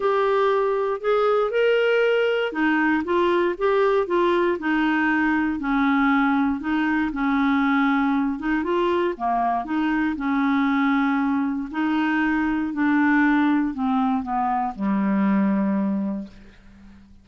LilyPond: \new Staff \with { instrumentName = "clarinet" } { \time 4/4 \tempo 4 = 118 g'2 gis'4 ais'4~ | ais'4 dis'4 f'4 g'4 | f'4 dis'2 cis'4~ | cis'4 dis'4 cis'2~ |
cis'8 dis'8 f'4 ais4 dis'4 | cis'2. dis'4~ | dis'4 d'2 c'4 | b4 g2. | }